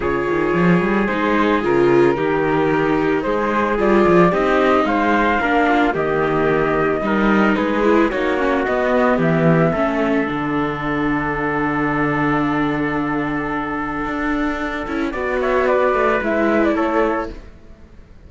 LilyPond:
<<
  \new Staff \with { instrumentName = "flute" } { \time 4/4 \tempo 4 = 111 cis''2 c''4 ais'4~ | ais'2 c''4 d''4 | dis''4 f''2 dis''4~ | dis''2 b'4 cis''4 |
dis''4 e''2 fis''4~ | fis''1~ | fis''1~ | fis''8 e''8 d''4 e''8. d''16 cis''4 | }
  \new Staff \with { instrumentName = "trumpet" } { \time 4/4 gis'1 | g'2 gis'2 | g'4 c''4 ais'8 f'8 g'4~ | g'4 ais'4 gis'4 fis'4~ |
fis'4 g'4 a'2~ | a'1~ | a'1 | d''8 cis''8 b'2 a'4 | }
  \new Staff \with { instrumentName = "viola" } { \time 4/4 f'2 dis'4 f'4 | dis'2. f'4 | dis'2 d'4 ais4~ | ais4 dis'4. e'8 dis'8 cis'8 |
b2 cis'4 d'4~ | d'1~ | d'2.~ d'8 e'8 | fis'2 e'2 | }
  \new Staff \with { instrumentName = "cello" } { \time 4/4 cis8 dis8 f8 g8 gis4 cis4 | dis2 gis4 g8 f8 | c'4 gis4 ais4 dis4~ | dis4 g4 gis4 ais4 |
b4 e4 a4 d4~ | d1~ | d2 d'4. cis'8 | b4. a8 gis4 a4 | }
>>